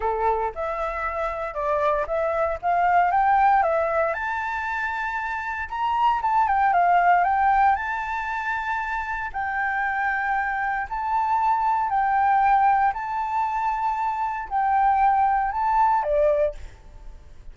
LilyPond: \new Staff \with { instrumentName = "flute" } { \time 4/4 \tempo 4 = 116 a'4 e''2 d''4 | e''4 f''4 g''4 e''4 | a''2. ais''4 | a''8 g''8 f''4 g''4 a''4~ |
a''2 g''2~ | g''4 a''2 g''4~ | g''4 a''2. | g''2 a''4 d''4 | }